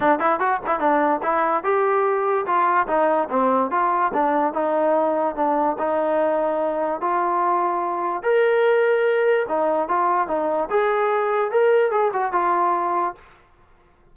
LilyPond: \new Staff \with { instrumentName = "trombone" } { \time 4/4 \tempo 4 = 146 d'8 e'8 fis'8 e'8 d'4 e'4 | g'2 f'4 dis'4 | c'4 f'4 d'4 dis'4~ | dis'4 d'4 dis'2~ |
dis'4 f'2. | ais'2. dis'4 | f'4 dis'4 gis'2 | ais'4 gis'8 fis'8 f'2 | }